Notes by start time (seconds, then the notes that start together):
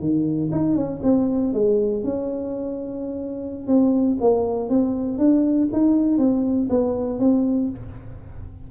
0.00 D#3
0.52 D#4
0.77 C#4
1.03 C4
1.54 G#3
2.04 C#4
3.68 C4
4.21 A#3
4.70 C4
5.18 D4
5.73 D#4
6.19 C4
6.70 B3
7.20 C4